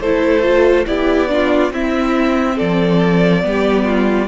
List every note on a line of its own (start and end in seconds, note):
0.00 0.86 A3
0.00 0.42 E4
0.00 0.87 A4
0.00 0.86 C5
0.42 0.85 F4
0.86 1.71 B3
0.86 1.28 E4
0.86 1.31 G4
0.86 1.72 D5
1.28 1.71 D4
1.28 1.73 F4
1.71 2.57 C4
1.71 3.42 C4
1.71 2.56 E4
1.71 2.58 E5
2.56 3.43 F3
2.56 3.41 A4
2.56 4.28 D5
3.42 4.28 G3
3.42 4.28 B3
3.42 3.84 G4
3.84 4.27 F4